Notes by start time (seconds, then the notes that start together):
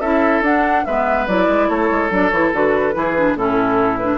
0.00 C#4 E4 A4 E5
0.42 D4 F#5
0.85 G#3 B3 B4 E5
1.27 F#3 E4 D5
1.48 G#3
1.69 A3 A4 C#5
1.91 G#3
2.10 F#3 D4 D5
2.30 E3 E4 C#5
2.53 D3 F#4 B4
2.93 E3 E4 G#4
3.17 D4
3.35 A2 C#4 E4 A4
3.98 D4 B4